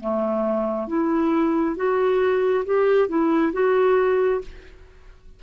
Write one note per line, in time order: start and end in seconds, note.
0.00 0.87 A3
0.87 1.76 E4
1.76 2.64 F#4
2.65 3.08 G4
3.08 3.52 E4
3.53 4.41 F#4